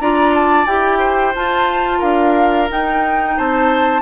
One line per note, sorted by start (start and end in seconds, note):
0.00 0.67 D4
0.00 0.66 F4
0.00 0.99 D5
0.00 0.34 A#5
0.34 0.66 A5
0.66 1.34 E4
0.66 1.34 G4
0.66 1.33 G5
0.99 1.98 C5
1.35 2.69 F4
1.35 2.02 F4
1.35 2.01 A5
1.98 2.69 D4
1.98 3.33 A#4
1.98 2.68 F5
2.69 4.02 D#4
2.69 3.38 D#4
2.69 3.38 G5
3.37 4.02 C4
3.37 4.02 C5
3.37 4.02 A5